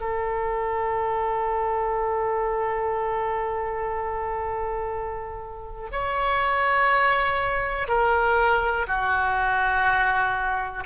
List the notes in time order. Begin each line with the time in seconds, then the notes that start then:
0.00 A4
5.92 C#5
7.88 A#4
8.87 F#4